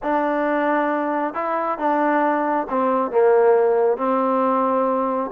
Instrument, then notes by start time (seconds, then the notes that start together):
trombone
0.03 D4
1.34 E4
1.78 D4
2.69 C4
3.11 A#3
3.97 C4